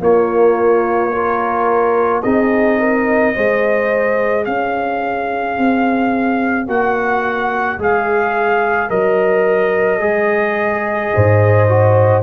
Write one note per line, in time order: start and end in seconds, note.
0.00 1.11 A#3
0.00 2.22 A#3
0.00 1.13 F4
0.00 2.22 C#5
1.12 2.23 F4
1.12 2.24 A#4
2.22 3.36 C4
2.22 3.35 D#4
2.22 2.79 G#4
2.22 4.45 D#5
2.79 3.35 A#4
3.35 4.47 G#3
3.35 6.68 G#4
3.35 4.46 C5
4.45 5.58 C#4
4.45 11.13 C#5
4.45 6.67 F5
5.58 6.67 C4
6.67 7.78 A#3
6.67 7.79 F#4
6.67 7.80 F#5
7.79 8.90 G#3
7.79 8.89 G#4
7.79 8.90 F5
8.89 10.01 F#3
8.89 10.00 A#4
8.89 12.23 D#5
10.00 11.12 G#3
10.00 11.66 G#4
11.14 12.23 G#2
11.14 12.23 C5
11.69 12.23 F#4